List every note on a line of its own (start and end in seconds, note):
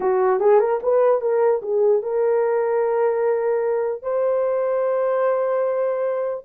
0.00 0.40 F#4
0.40 0.59 G#4
0.59 0.79 A#4
0.82 1.21 B4
1.21 1.61 A#4
1.62 2.02 G#4
2.02 4.02 A#4
4.02 6.44 C5